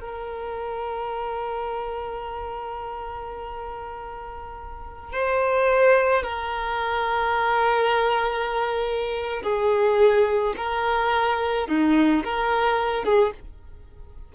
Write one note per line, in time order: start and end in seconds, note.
0.00 5.12 A#4
5.12 6.23 C5
6.23 9.42 A#4
9.43 10.54 G#4
10.57 11.67 A#4
11.67 12.23 D#4
12.24 13.04 A#4
13.04 13.32 G#4